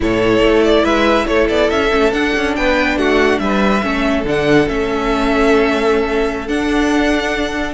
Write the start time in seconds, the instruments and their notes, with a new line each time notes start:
0.00 cello A2, viola E4, violin A4 C#5
0.40 cello A3
0.64 violin D5
0.83 cello G#3, violin B4 E5
1.26 cello A3, violin A4 C#5
1.49 cello B3, violin D5
1.70 cello C#4, violin E5
1.90 cello A3, viola C#4
2.12 cello D4, viola D4, violin F#5
2.36 cello C#4
2.55 cello B3, violin B4 G5
2.96 cello A3, violin F#4 F#5
3.39 cello G3, violin B4 E5
3.82 cello A3, viola C#4, violin A4
4.24 cello D3, viola D4, violin F#5
4.67 cello A3, viola C#4, violin E5
6.47 viola D4, cello D4, violin F#5